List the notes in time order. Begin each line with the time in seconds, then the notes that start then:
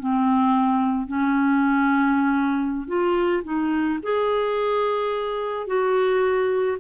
0.00 C4
1.08 C#4
2.88 F4
3.44 D#4
4.03 G#4
5.67 F#4